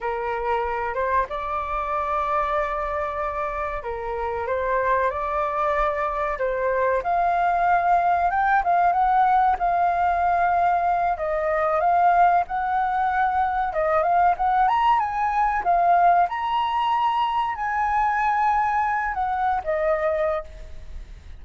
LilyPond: \new Staff \with { instrumentName = "flute" } { \time 4/4 \tempo 4 = 94 ais'4. c''8 d''2~ | d''2 ais'4 c''4 | d''2 c''4 f''4~ | f''4 g''8 f''8 fis''4 f''4~ |
f''4. dis''4 f''4 fis''8~ | fis''4. dis''8 f''8 fis''8 ais''8 gis''8~ | gis''8 f''4 ais''2 gis''8~ | gis''2 fis''8. dis''4~ dis''16 | }